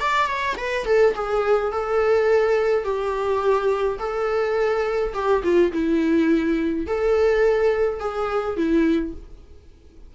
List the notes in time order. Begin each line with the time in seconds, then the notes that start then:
0.00 D5
0.26 C#5
0.57 B4
0.85 A4
1.15 G#4
1.71 A4
2.84 G4
3.99 A4
5.14 G4
5.43 F4
5.72 E4
6.86 A4
8.00 G#4
8.56 E4